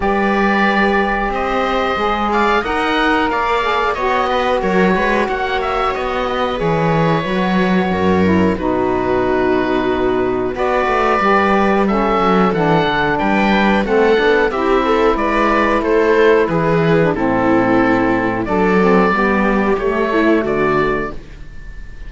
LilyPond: <<
  \new Staff \with { instrumentName = "oboe" } { \time 4/4 \tempo 4 = 91 d''2 dis''4. f''8 | fis''4 f''4 dis''4 cis''4 | fis''8 e''8 dis''4 cis''2~ | cis''4 b'2. |
d''2 e''4 fis''4 | g''4 fis''4 e''4 d''4 | c''4 b'4 a'2 | d''2 cis''4 d''4 | }
  \new Staff \with { instrumentName = "viola" } { \time 4/4 b'2 c''4. d''8 | dis''4 d''4 cis''8 b'8 ais'8 b'8 | cis''4. b'2~ b'8 | ais'4 fis'2. |
b'2 a'2 | b'4 a'4 g'8 a'8 b'4 | a'4 gis'4 e'2 | a'4 g'4. e'8 fis'4 | }
  \new Staff \with { instrumentName = "saxophone" } { \time 4/4 g'2. gis'4 | ais'4. gis'8 fis'2~ | fis'2 gis'4 fis'4~ | fis'8 e'8 dis'2. |
fis'4 g'4 cis'4 d'4~ | d'4 c'8 d'8 e'2~ | e'4.~ e'16 d'16 c'2 | d'8 c'8 b4 a2 | }
  \new Staff \with { instrumentName = "cello" } { \time 4/4 g2 c'4 gis4 | dis'4 ais4 b4 fis8 gis8 | ais4 b4 e4 fis4 | fis,4 b,2. |
b8 a8 g4. fis8 e8 d8 | g4 a8 b8 c'4 gis4 | a4 e4 a,2 | fis4 g4 a4 d4 | }
>>